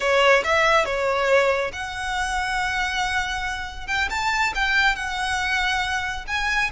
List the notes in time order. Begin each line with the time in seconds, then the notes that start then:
0.00 C#5
0.44 E5
0.85 C#5
1.72 F#5
3.87 G5
4.10 A5
4.55 G5
4.95 F#5
6.27 G#5